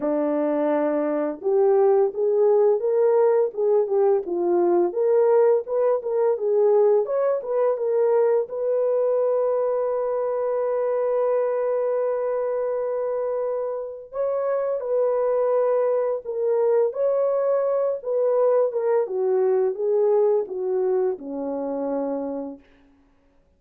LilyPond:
\new Staff \with { instrumentName = "horn" } { \time 4/4 \tempo 4 = 85 d'2 g'4 gis'4 | ais'4 gis'8 g'8 f'4 ais'4 | b'8 ais'8 gis'4 cis''8 b'8 ais'4 | b'1~ |
b'1 | cis''4 b'2 ais'4 | cis''4. b'4 ais'8 fis'4 | gis'4 fis'4 cis'2 | }